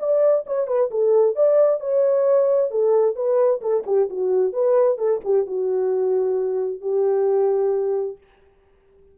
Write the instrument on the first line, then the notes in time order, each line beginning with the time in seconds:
horn
0.00 D5
0.47 C#5
0.68 B4
0.91 A4
1.36 D5
1.81 C#5
2.71 A4
3.16 B4
3.62 A4
3.87 G4
4.10 F#4
4.53 B4
4.98 A4
5.25 G4
5.47 F#4
6.82 G4